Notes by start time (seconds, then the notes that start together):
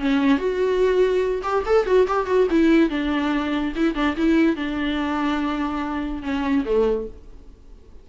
0.00 C#4
0.38 F#4
1.43 G4
1.66 A4
1.86 F#4
2.08 G4
2.27 F#4
2.51 E4
2.90 D4
3.76 E4
3.95 D4
4.17 E4
4.56 D4
6.23 C#4
6.66 A3